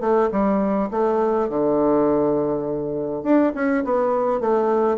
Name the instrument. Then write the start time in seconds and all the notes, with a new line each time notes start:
bassoon
0.00 A3
0.31 G3
0.91 A3
1.49 D3
3.23 D4
3.55 C#4
3.84 B3
4.40 A3